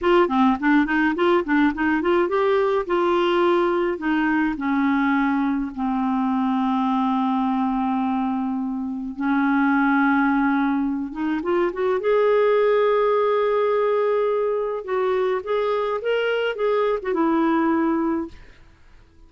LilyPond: \new Staff \with { instrumentName = "clarinet" } { \time 4/4 \tempo 4 = 105 f'8 c'8 d'8 dis'8 f'8 d'8 dis'8 f'8 | g'4 f'2 dis'4 | cis'2 c'2~ | c'1 |
cis'2.~ cis'8 dis'8 | f'8 fis'8 gis'2.~ | gis'2 fis'4 gis'4 | ais'4 gis'8. fis'16 e'2 | }